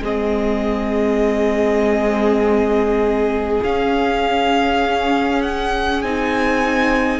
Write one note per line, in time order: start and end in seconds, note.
0.00 3.60 G#3
0.00 3.63 C4
0.00 7.20 G#4
0.00 3.63 D#5
3.63 6.03 C#4
3.63 6.04 C#4
3.63 5.42 F5
5.42 6.02 F#5
6.02 7.20 C4
6.02 7.20 D#4
6.02 7.20 G#5